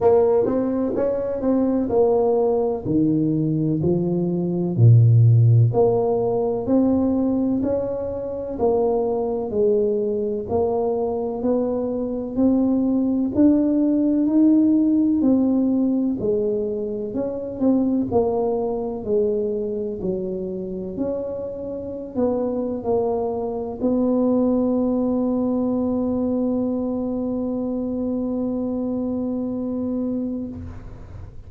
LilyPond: \new Staff \with { instrumentName = "tuba" } { \time 4/4 \tempo 4 = 63 ais8 c'8 cis'8 c'8 ais4 dis4 | f4 ais,4 ais4 c'4 | cis'4 ais4 gis4 ais4 | b4 c'4 d'4 dis'4 |
c'4 gis4 cis'8 c'8 ais4 | gis4 fis4 cis'4~ cis'16 b8. | ais4 b2.~ | b1 | }